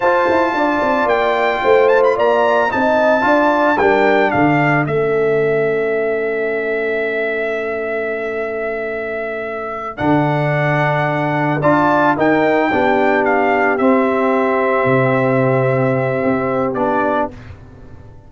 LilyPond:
<<
  \new Staff \with { instrumentName = "trumpet" } { \time 4/4 \tempo 4 = 111 a''2 g''4. a''16 b''16 | ais''4 a''2 g''4 | f''4 e''2.~ | e''1~ |
e''2~ e''8 fis''4.~ | fis''4. a''4 g''4.~ | g''8 f''4 e''2~ e''8~ | e''2. d''4 | }
  \new Staff \with { instrumentName = "horn" } { \time 4/4 c''4 d''2 c''4 | d''4 dis''4 d''4 ais'4 | a'1~ | a'1~ |
a'1~ | a'4. d''4 ais'4 g'8~ | g'1~ | g'1 | }
  \new Staff \with { instrumentName = "trombone" } { \time 4/4 f'1~ | f'4 dis'4 f'4 d'4~ | d'4 cis'2.~ | cis'1~ |
cis'2~ cis'8 d'4.~ | d'4. f'4 dis'4 d'8~ | d'4. c'2~ c'8~ | c'2. d'4 | }
  \new Staff \with { instrumentName = "tuba" } { \time 4/4 f'8 e'8 d'8 c'8 ais4 a4 | ais4 c'4 d'4 g4 | d4 a2.~ | a1~ |
a2~ a8 d4.~ | d4. d'4 dis'4 b8~ | b4. c'2 c8~ | c2 c'4 b4 | }
>>